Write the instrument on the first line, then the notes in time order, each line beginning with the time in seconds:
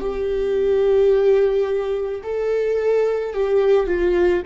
viola
0.00 G4
2.23 A4
3.34 G4
3.87 F4